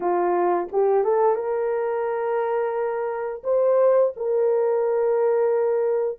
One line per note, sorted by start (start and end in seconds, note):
0.00 0.68 F4
0.72 1.03 G4
1.03 1.35 A4
1.35 3.42 A#4
3.43 4.12 C5
4.16 6.18 A#4